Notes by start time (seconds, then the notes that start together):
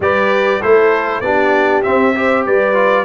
0.00 G3 G4 B4 D5
0.61 A3 E4 A4 C5
1.21 B3 D4 G4 D5
1.82 C4 E5
2.15 G4 C5
2.46 G3 B4 D5
2.73 F4